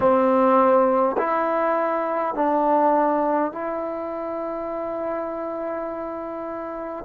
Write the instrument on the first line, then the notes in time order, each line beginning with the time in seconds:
trombone
0.00 C4
1.17 E4
2.34 D4
3.51 E4